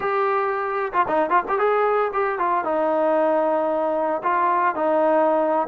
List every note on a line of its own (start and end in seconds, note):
0.00 0.92 G4
0.92 1.06 F4
1.08 1.30 D#4
1.30 1.43 F4
1.48 1.58 G4
1.58 2.11 G#4
2.13 2.38 G4
2.38 2.64 F4
2.64 4.22 D#4
4.23 4.75 F4
4.75 5.67 D#4